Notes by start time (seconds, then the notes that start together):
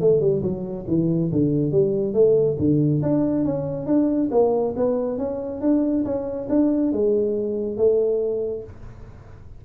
0.00 A3
0.20 G3
0.42 F#3
0.88 E3
1.32 D3
1.71 G3
2.14 A3
2.59 D3
3.02 D4
3.45 C#4
3.86 D4
4.31 A#3
4.76 B3
5.18 C#4
5.61 D4
6.05 C#4
6.49 D4
6.92 G#3
7.77 A3